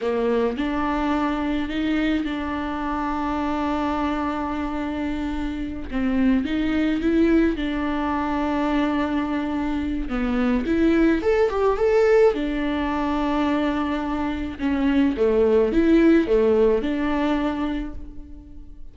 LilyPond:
\new Staff \with { instrumentName = "viola" } { \time 4/4 \tempo 4 = 107 ais4 d'2 dis'4 | d'1~ | d'2~ d'8 c'4 dis'8~ | dis'8 e'4 d'2~ d'8~ |
d'2 b4 e'4 | a'8 g'8 a'4 d'2~ | d'2 cis'4 a4 | e'4 a4 d'2 | }